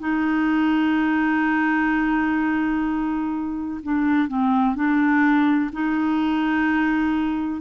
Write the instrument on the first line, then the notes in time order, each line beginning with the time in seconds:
clarinet
0.00 D#4
3.83 D4
4.29 C4
4.76 D4
5.73 D#4